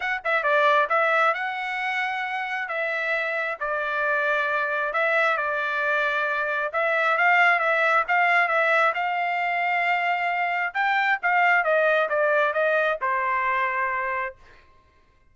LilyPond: \new Staff \with { instrumentName = "trumpet" } { \time 4/4 \tempo 4 = 134 fis''8 e''8 d''4 e''4 fis''4~ | fis''2 e''2 | d''2. e''4 | d''2. e''4 |
f''4 e''4 f''4 e''4 | f''1 | g''4 f''4 dis''4 d''4 | dis''4 c''2. | }